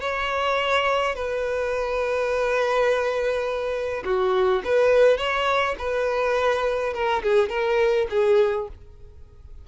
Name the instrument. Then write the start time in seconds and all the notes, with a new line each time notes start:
violin
0.00 C#5
1.15 B4
4.05 F#4
4.64 B4
5.17 C#5
5.78 B4
6.93 A#4
7.22 G#4
7.49 A#4
8.10 G#4